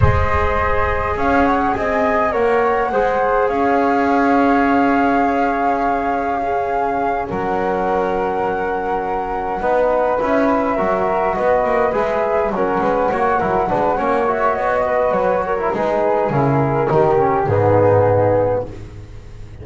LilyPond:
<<
  \new Staff \with { instrumentName = "flute" } { \time 4/4 \tempo 4 = 103 dis''2 f''8 fis''8 gis''4 | fis''2 f''2~ | f''1~ | f''8 fis''2.~ fis''8~ |
fis''4. e''2 dis''8~ | dis''8 e''4 fis''2~ fis''8~ | fis''8 e''8 dis''4 cis''4 b'4 | ais'2 gis'2 | }
  \new Staff \with { instrumentName = "flute" } { \time 4/4 c''2 cis''4 dis''4 | cis''4 c''4 cis''2~ | cis''2. gis'4~ | gis'8 ais'2.~ ais'8~ |
ais'8 b'2 ais'4 b'8~ | b'4. ais'8 b'8 cis''8 ais'8 b'8 | cis''4. b'4 ais'8 gis'4~ | gis'4 g'4 dis'2 | }
  \new Staff \with { instrumentName = "trombone" } { \time 4/4 gis'1 | ais'4 gis'2.~ | gis'2. cis'4~ | cis'1~ |
cis'8 dis'4 e'4 fis'4.~ | fis'8 gis'4 cis'4 fis'8 e'8 d'8 | cis'8 fis'2~ fis'16 e'16 dis'4 | e'4 dis'8 cis'8 b2 | }
  \new Staff \with { instrumentName = "double bass" } { \time 4/4 gis2 cis'4 c'4 | ais4 gis4 cis'2~ | cis'1~ | cis'8 fis2.~ fis8~ |
fis8 b4 cis'4 fis4 b8 | ais8 gis4 fis8 gis8 ais8 fis8 gis8 | ais4 b4 fis4 gis4 | cis4 dis4 gis,2 | }
>>